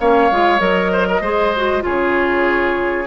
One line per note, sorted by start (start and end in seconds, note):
0.00 0.31 A#3
0.00 0.31 C#4
0.00 0.92 C#5
0.00 0.60 F5
0.32 0.60 G#3
0.32 0.58 F4
0.58 1.21 F#3
0.58 1.20 A#4
0.58 1.84 D#5
0.92 1.08 C5
1.09 1.22 A#4
1.21 1.83 G#3
1.21 1.55 G#4
1.21 1.84 C5
1.56 1.81 F#4
1.81 3.07 C#3
1.81 3.05 F4
1.81 3.07 G#4
1.81 3.07 C#5